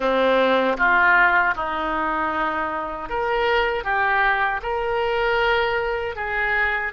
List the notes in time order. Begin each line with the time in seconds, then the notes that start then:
0.00 C4
0.77 F4
1.55 D#4
3.09 A#4
3.84 G4
4.62 A#4
6.15 G#4